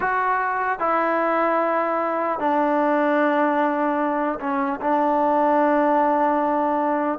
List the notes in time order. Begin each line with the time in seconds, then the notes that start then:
0.00 F#4
0.79 E4
2.39 D4
4.40 C#4
4.80 D4